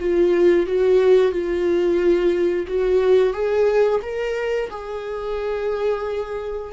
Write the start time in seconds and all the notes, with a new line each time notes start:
0.00 F4
0.67 F#4
1.32 F4
2.68 F#4
3.33 G#4
4.02 A#4
4.70 G#4